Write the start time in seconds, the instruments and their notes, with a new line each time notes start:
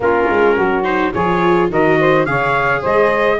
0.00 tuba A#3, viola C#4, saxophone F4, trumpet A#4
0.29 tuba G#3
0.55 tuba F#3, saxophone F#4
0.83 viola D#4, trumpet C5
1.12 tuba F3, viola F4, saxophone G#4, trumpet C#5
1.69 tuba D#3, viola F#4, saxophone A#4, trumpet D#5
1.99 saxophone C5
2.25 tuba C#3, viola G#4, saxophone C#5, trumpet F5
2.81 tuba G#3, saxophone C5, trumpet D#5